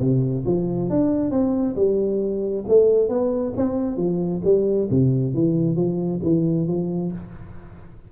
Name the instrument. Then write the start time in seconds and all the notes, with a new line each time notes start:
tuba
0.00 C3
0.46 F3
0.90 D4
1.31 C4
1.76 G3
2.68 A3
3.09 B3
3.57 C4
3.97 F3
4.44 G3
4.91 C3
5.34 E3
5.76 F3
6.23 E3
6.68 F3